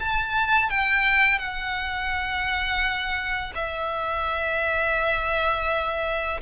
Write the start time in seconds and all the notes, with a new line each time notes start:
0.00 A5
0.70 G5
1.39 F#5
3.55 E5